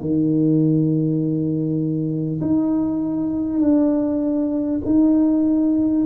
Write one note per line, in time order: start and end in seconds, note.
0.00 2.40 D#3
2.41 3.60 D#4
3.60 4.80 D4
4.85 6.05 D#4